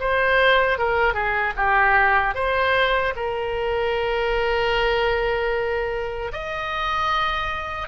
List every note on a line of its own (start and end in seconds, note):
0.00 0.79 C5
0.79 1.14 A#4
1.14 1.54 G#4
1.56 2.35 G4
2.35 3.14 C5
3.16 6.32 A#4
6.33 7.88 D#5